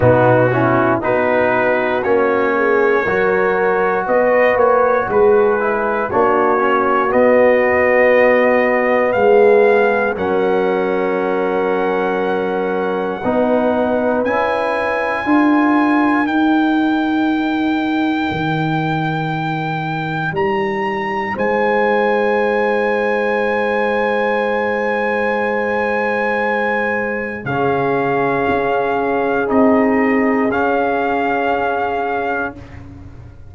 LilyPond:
<<
  \new Staff \with { instrumentName = "trumpet" } { \time 4/4 \tempo 4 = 59 fis'4 b'4 cis''2 | dis''8 cis''8 b'4 cis''4 dis''4~ | dis''4 f''4 fis''2~ | fis''2 gis''2 |
g''1 | ais''4 gis''2.~ | gis''2. f''4~ | f''4 dis''4 f''2 | }
  \new Staff \with { instrumentName = "horn" } { \time 4/4 dis'8 e'8 fis'4. gis'8 ais'4 | b'4 gis'4 fis'2~ | fis'4 gis'4 ais'2~ | ais'4 b'2 ais'4~ |
ais'1~ | ais'4 c''2.~ | c''2. gis'4~ | gis'1 | }
  \new Staff \with { instrumentName = "trombone" } { \time 4/4 b8 cis'8 dis'4 cis'4 fis'4~ | fis'4. e'8 d'8 cis'8 b4~ | b2 cis'2~ | cis'4 dis'4 e'4 f'4 |
dis'1~ | dis'1~ | dis'2. cis'4~ | cis'4 dis'4 cis'2 | }
  \new Staff \with { instrumentName = "tuba" } { \time 4/4 b,4 b4 ais4 fis4 | b8 ais8 gis4 ais4 b4~ | b4 gis4 fis2~ | fis4 b4 cis'4 d'4 |
dis'2 dis2 | g4 gis2.~ | gis2. cis4 | cis'4 c'4 cis'2 | }
>>